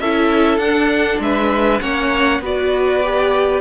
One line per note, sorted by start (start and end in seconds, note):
0.00 0.58 C#4
0.00 0.60 E4
0.00 1.22 A4
0.00 0.58 E5
0.58 1.19 D4
0.58 1.81 D4
0.58 1.19 F#5
1.19 1.80 G#3
1.19 1.81 B4
1.19 1.81 E5
1.81 2.40 A#3
1.81 2.42 C#4
1.81 2.41 C#5
1.81 2.41 F#5
2.40 3.61 B3
2.40 3.04 F#4
2.40 3.61 B4
2.46 3.61 D5
3.04 3.61 G4